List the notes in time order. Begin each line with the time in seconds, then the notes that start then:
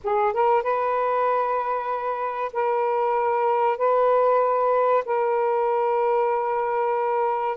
0.03 G#4
0.33 A#4
0.62 B4
2.52 A#4
3.77 B4
5.05 A#4